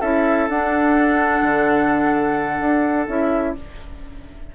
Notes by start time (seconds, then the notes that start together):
0.00 C#4 E4 A4 E5
0.48 D4 F#5
1.42 D3
2.60 D4
3.08 C#4 E4 E5